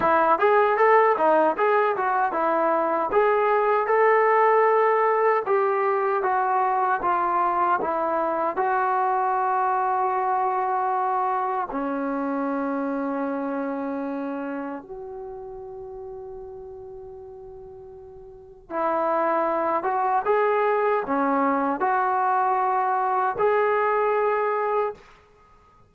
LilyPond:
\new Staff \with { instrumentName = "trombone" } { \time 4/4 \tempo 4 = 77 e'8 gis'8 a'8 dis'8 gis'8 fis'8 e'4 | gis'4 a'2 g'4 | fis'4 f'4 e'4 fis'4~ | fis'2. cis'4~ |
cis'2. fis'4~ | fis'1 | e'4. fis'8 gis'4 cis'4 | fis'2 gis'2 | }